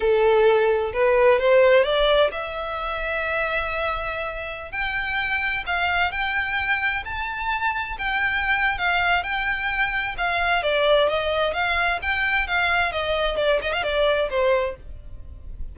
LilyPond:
\new Staff \with { instrumentName = "violin" } { \time 4/4 \tempo 4 = 130 a'2 b'4 c''4 | d''4 e''2.~ | e''2~ e''16 g''4.~ g''16~ | g''16 f''4 g''2 a''8.~ |
a''4~ a''16 g''4.~ g''16 f''4 | g''2 f''4 d''4 | dis''4 f''4 g''4 f''4 | dis''4 d''8 dis''16 f''16 d''4 c''4 | }